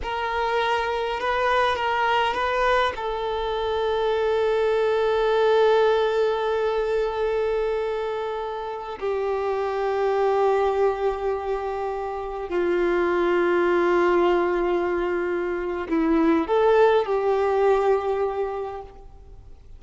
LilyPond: \new Staff \with { instrumentName = "violin" } { \time 4/4 \tempo 4 = 102 ais'2 b'4 ais'4 | b'4 a'2.~ | a'1~ | a'2.~ a'16 g'8.~ |
g'1~ | g'4~ g'16 f'2~ f'8.~ | f'2. e'4 | a'4 g'2. | }